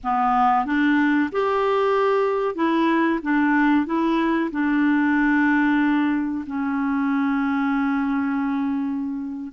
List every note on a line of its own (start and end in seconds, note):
0.03 0.65 B3
0.65 1.30 D4
1.32 2.55 G4
2.55 3.19 E4
3.22 3.85 D4
3.85 4.50 E4
4.51 6.44 D4
6.46 9.52 C#4